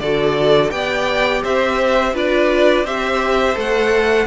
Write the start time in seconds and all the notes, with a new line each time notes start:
0.00 D3 F#4 A4 D5
0.71 B3 G4 D5 G5
1.44 C4 C5 E5
2.14 D4 F4 B4 D5
2.85 C4 G4 C5 E5
3.55 A3 A4 F#5